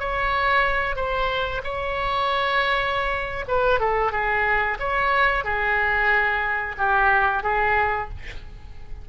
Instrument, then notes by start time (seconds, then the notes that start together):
oboe
0.00 C#5
0.96 C5
1.64 C#5
3.48 B4
3.80 A4
4.12 G#4
4.80 C#5
5.45 G#4
6.78 G4
7.43 G#4